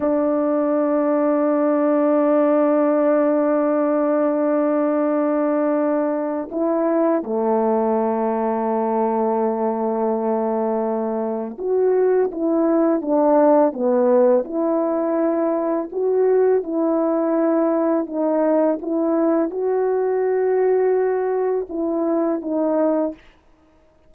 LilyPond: \new Staff \with { instrumentName = "horn" } { \time 4/4 \tempo 4 = 83 d'1~ | d'1~ | d'4 e'4 a2~ | a1 |
fis'4 e'4 d'4 b4 | e'2 fis'4 e'4~ | e'4 dis'4 e'4 fis'4~ | fis'2 e'4 dis'4 | }